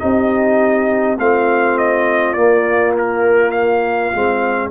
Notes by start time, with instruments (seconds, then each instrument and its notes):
0.00 tuba C4, trombone D#4, horn G4, trumpet D#5
1.19 tuba A3, trombone C4, horn F4, trumpet F5
1.78 trumpet D#5
2.34 tuba A#3, trombone A#3, trumpet D5
2.99 trumpet A#4
3.51 trumpet F5
4.14 tuba G#3, trombone C4